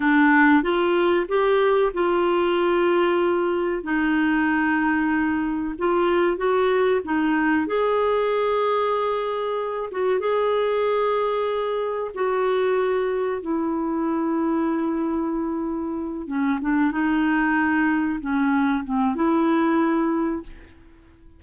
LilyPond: \new Staff \with { instrumentName = "clarinet" } { \time 4/4 \tempo 4 = 94 d'4 f'4 g'4 f'4~ | f'2 dis'2~ | dis'4 f'4 fis'4 dis'4 | gis'2.~ gis'8 fis'8 |
gis'2. fis'4~ | fis'4 e'2.~ | e'4. cis'8 d'8 dis'4.~ | dis'8 cis'4 c'8 e'2 | }